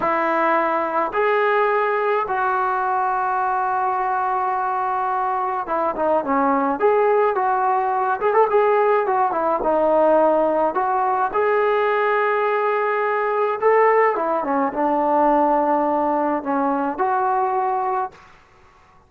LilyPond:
\new Staff \with { instrumentName = "trombone" } { \time 4/4 \tempo 4 = 106 e'2 gis'2 | fis'1~ | fis'2 e'8 dis'8 cis'4 | gis'4 fis'4. gis'16 a'16 gis'4 |
fis'8 e'8 dis'2 fis'4 | gis'1 | a'4 e'8 cis'8 d'2~ | d'4 cis'4 fis'2 | }